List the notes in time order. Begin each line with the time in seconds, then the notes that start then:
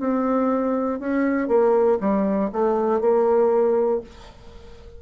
0.00 C4
1.00 C#4
1.48 A#3
2.00 G3
2.52 A3
3.01 A#3